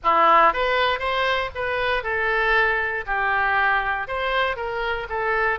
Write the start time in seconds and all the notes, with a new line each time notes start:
0.03 E4
0.53 B4
0.99 C5
1.54 B4
2.03 A4
3.06 G4
4.07 C5
4.56 A#4
5.09 A4